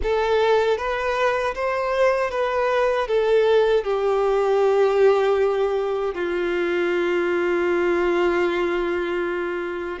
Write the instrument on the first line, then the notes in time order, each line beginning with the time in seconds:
violin
0.02 A4
0.77 B4
1.55 C5
2.30 B4
3.07 A4
3.84 G4
6.14 F4